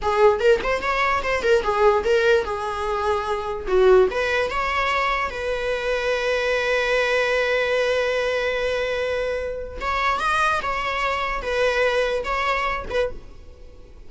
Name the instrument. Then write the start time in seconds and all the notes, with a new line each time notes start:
viola
0.01 G#4
0.39 A#4
0.63 C5
0.81 C#5
1.22 C5
1.42 A#4
1.63 G#4
2.04 A#4
2.44 G#4
3.67 F#4
4.10 B4
4.50 C#5
5.30 B4
9.81 C#5
10.19 D#5
10.62 C#5
11.41 B4
12.24 C#5
12.90 B4